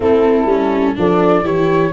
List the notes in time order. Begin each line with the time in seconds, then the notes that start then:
0.00 A3 C4 E4 A4
0.45 G3 C#4
0.95 F3 D4 A4 D5
1.42 E3 E4 G4 C#5